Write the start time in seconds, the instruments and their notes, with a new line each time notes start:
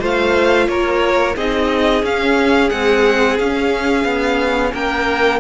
0.00 cello A3, viola F4, violin C5 F5
0.68 cello A#3, violin A#4 C#5
1.36 cello C4, viola D#4, violin G#4 D#5
2.03 cello C#4, viola C#4, violin F5
2.70 viola G#3, cello C4, violin F#5
3.39 cello C#4, viola C#4, violin F5
4.05 cello B3
4.73 cello A#3, violin A#4 G5